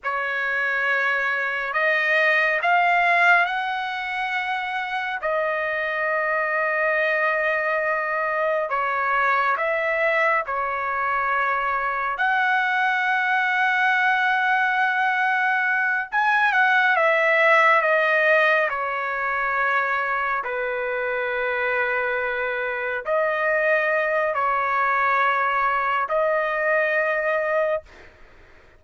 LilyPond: \new Staff \with { instrumentName = "trumpet" } { \time 4/4 \tempo 4 = 69 cis''2 dis''4 f''4 | fis''2 dis''2~ | dis''2 cis''4 e''4 | cis''2 fis''2~ |
fis''2~ fis''8 gis''8 fis''8 e''8~ | e''8 dis''4 cis''2 b'8~ | b'2~ b'8 dis''4. | cis''2 dis''2 | }